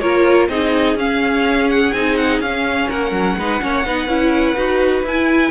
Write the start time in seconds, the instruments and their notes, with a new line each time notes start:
0.00 cello A#3, viola F4, violin A#4 C#5
0.48 cello C4, viola D#4, violin G#4 D#5
0.95 cello C#4, viola C#4, violin F5
1.70 violin F#5
1.92 cello C4, viola D#4, violin G#5
2.16 violin F#5
2.39 cello C#4, viola C#4, violin F5
2.89 cello A#3, violin A#4 F#5
3.11 cello F#3
3.37 cello G#3, viola D#4, violin B4
3.60 cello A#3, viola C#4, violin C#5
3.85 cello B3, viola D#4, violin B4
4.07 cello C#4, viola E4
4.56 cello D#4, viola F#4
5.03 cello E4, viola E4, violin G#5